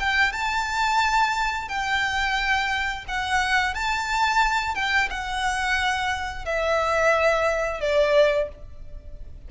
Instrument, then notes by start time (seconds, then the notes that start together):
violin
0.00 G5
0.33 A5
1.69 G5
3.09 F#5
3.75 A5
4.75 G5
5.11 F#5
6.46 E5
7.81 D5